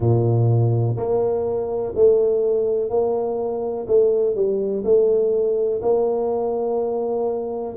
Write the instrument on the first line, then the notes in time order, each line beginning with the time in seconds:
tuba
0.00 A#2
0.96 A#3
1.95 A3
2.89 A#3
3.87 A3
4.35 G3
4.84 A3
5.82 A#3